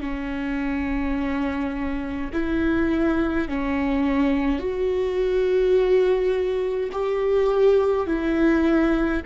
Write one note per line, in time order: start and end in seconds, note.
0.00 2.31 C#4
2.32 3.48 E4
3.48 4.59 C#4
4.59 6.90 F#4
6.91 8.06 G4
8.06 9.22 E4